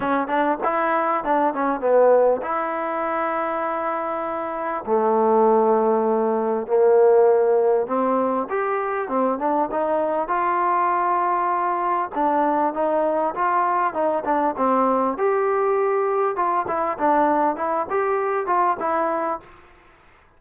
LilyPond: \new Staff \with { instrumentName = "trombone" } { \time 4/4 \tempo 4 = 99 cis'8 d'8 e'4 d'8 cis'8 b4 | e'1 | a2. ais4~ | ais4 c'4 g'4 c'8 d'8 |
dis'4 f'2. | d'4 dis'4 f'4 dis'8 d'8 | c'4 g'2 f'8 e'8 | d'4 e'8 g'4 f'8 e'4 | }